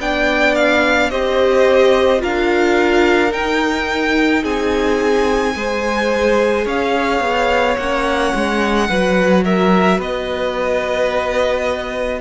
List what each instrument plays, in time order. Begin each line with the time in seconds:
0.00 cello B3, viola D4, violin D5 G5
0.56 violin F5
1.10 cello C4, viola G4, violin C5 D#5
2.19 cello D4, viola F4, violin A#4 F5
3.31 viola D#4, cello D#4, violin G5
4.43 cello C4, violin G#4 G#5
5.56 cello G#3, viola G#4, violin C5
6.66 cello C#4, violin C#5 F5
7.21 cello B3
7.78 cello A#3, viola C#4, violin F#5
8.35 cello G#3
8.89 cello F#3, viola F#4, violin B4
9.45 violin A#4 E5
9.98 cello B3, violin B4 D#5